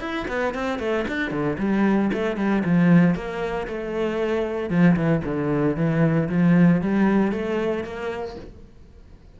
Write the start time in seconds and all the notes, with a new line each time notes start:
0.00 E4
0.28 B3
0.54 C4
0.79 A3
1.07 D4
1.31 D3
1.58 G3
2.13 A3
2.36 G3
2.64 F3
3.15 A#3
3.67 A3
4.70 F3
4.96 E3
5.24 D3
5.76 E3
6.29 F3
6.81 G3
7.32 A3
7.84 A#3